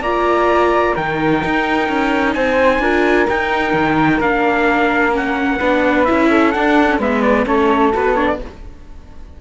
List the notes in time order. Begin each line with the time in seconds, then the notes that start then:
0.00 A#3 F4 D5 A#5
0.94 D#3 D#4 A#4 G5
1.44 D#4
1.89 C#4
2.33 C4 C5 G#5
2.79 D4 F4 A#4
3.29 D#4 G5
3.73 D#3
4.20 A#3 D4 F5
5.11 C#4 F#5
5.58 B3 D4 B4
6.05 E4 E5
6.11 C#4
6.30 A4
6.51 D4 F#5
6.89 C#4
6.99 G#3 B3 B4 E5
7.22 D5
7.46 A3 C#4 A4 C#5
7.93 B3 F#4 B4
8.14 D4 C#5
8.27 D5